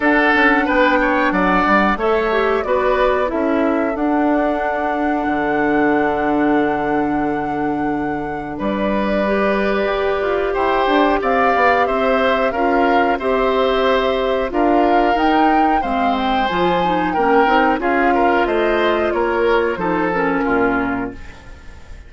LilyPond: <<
  \new Staff \with { instrumentName = "flute" } { \time 4/4 \tempo 4 = 91 fis''4 g''4 fis''4 e''4 | d''4 e''4 fis''2~ | fis''1~ | fis''4 d''2. |
g''4 f''4 e''4 f''4 | e''2 f''4 g''4 | f''8 g''8 gis''4 g''4 f''4 | dis''4 cis''4 c''8 ais'4. | }
  \new Staff \with { instrumentName = "oboe" } { \time 4/4 a'4 b'8 cis''8 d''4 cis''4 | b'4 a'2.~ | a'1~ | a'4 b'2. |
c''4 d''4 c''4 ais'4 | c''2 ais'2 | c''2 ais'4 gis'8 ais'8 | c''4 ais'4 a'4 f'4 | }
  \new Staff \with { instrumentName = "clarinet" } { \time 4/4 d'2. a'8 g'8 | fis'4 e'4 d'2~ | d'1~ | d'2 g'2~ |
g'2. f'4 | g'2 f'4 dis'4 | c'4 f'8 dis'8 cis'8 dis'8 f'4~ | f'2 dis'8 cis'4. | }
  \new Staff \with { instrumentName = "bassoon" } { \time 4/4 d'8 cis'8 b4 fis8 g8 a4 | b4 cis'4 d'2 | d1~ | d4 g2 g'8 f'8 |
e'8 d'8 c'8 b8 c'4 cis'4 | c'2 d'4 dis'4 | gis4 f4 ais8 c'8 cis'4 | a4 ais4 f4 ais,4 | }
>>